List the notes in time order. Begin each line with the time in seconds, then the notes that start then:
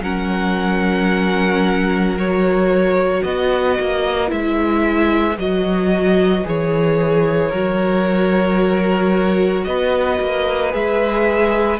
0.00 F#3 C#4 A#4 F#5
2.18 F#4 C#5
3.23 B3 B4 D#5
3.79 A#3
4.27 G#3 E4 E5
5.37 F#3 F#4 D#5
6.44 E3 G#4 C#5
7.49 F#3 F#4 A#4
9.64 B3 B4 D#5
10.20 A#3
10.70 G#3 G#4 E5